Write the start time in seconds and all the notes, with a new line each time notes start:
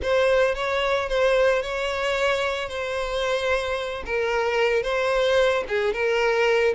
0.02 C5
0.55 C#5
1.08 C5
1.62 C#5
2.68 C5
4.05 A#4
4.82 C5
5.68 G#4
5.93 A#4